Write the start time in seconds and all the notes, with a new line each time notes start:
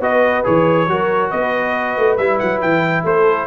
0.00 B3 F#4 B4 D#5
0.44 E3 G#4 C#5
0.88 F#3 F#4 A#4
1.30 B3 B4 D#5
1.98 A3
2.17 G3 E4 E5
2.39 F#3 F#5
2.62 E3 G5
3.04 A3 A4 C5